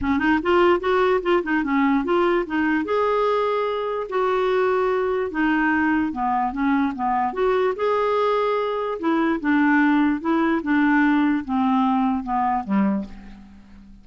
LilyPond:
\new Staff \with { instrumentName = "clarinet" } { \time 4/4 \tempo 4 = 147 cis'8 dis'8 f'4 fis'4 f'8 dis'8 | cis'4 f'4 dis'4 gis'4~ | gis'2 fis'2~ | fis'4 dis'2 b4 |
cis'4 b4 fis'4 gis'4~ | gis'2 e'4 d'4~ | d'4 e'4 d'2 | c'2 b4 g4 | }